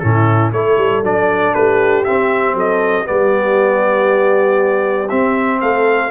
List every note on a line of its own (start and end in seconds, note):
0.00 0.53 A2
0.00 0.54 C#4
0.00 0.54 E4
0.00 0.51 A4
0.53 0.78 A3
0.53 1.04 E4
0.53 1.56 A4
0.53 1.04 C#5
0.78 1.03 G3
1.03 1.54 F#3
1.03 2.06 D4
1.03 1.55 D5
1.55 2.05 A3
1.55 2.56 G4
1.55 2.04 B4
2.04 3.05 C4
2.04 2.54 C4
2.04 2.55 E5
2.54 3.05 F#3
2.54 3.07 A4
2.54 3.07 D#5
3.05 5.11 G3
3.05 5.09 B3
3.05 5.60 G4
3.05 5.09 D5
5.09 6.11 C4
5.09 5.62 C4
5.09 5.60 E5
5.60 6.11 A3
5.60 6.11 A4
5.60 6.11 F5